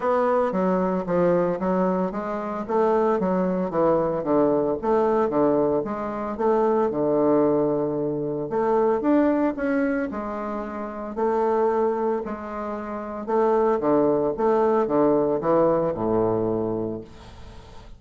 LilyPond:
\new Staff \with { instrumentName = "bassoon" } { \time 4/4 \tempo 4 = 113 b4 fis4 f4 fis4 | gis4 a4 fis4 e4 | d4 a4 d4 gis4 | a4 d2. |
a4 d'4 cis'4 gis4~ | gis4 a2 gis4~ | gis4 a4 d4 a4 | d4 e4 a,2 | }